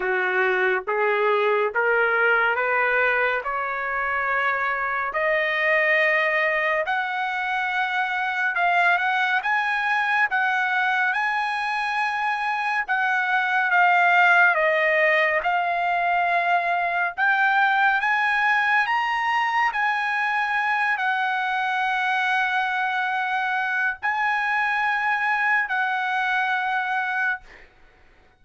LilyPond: \new Staff \with { instrumentName = "trumpet" } { \time 4/4 \tempo 4 = 70 fis'4 gis'4 ais'4 b'4 | cis''2 dis''2 | fis''2 f''8 fis''8 gis''4 | fis''4 gis''2 fis''4 |
f''4 dis''4 f''2 | g''4 gis''4 ais''4 gis''4~ | gis''8 fis''2.~ fis''8 | gis''2 fis''2 | }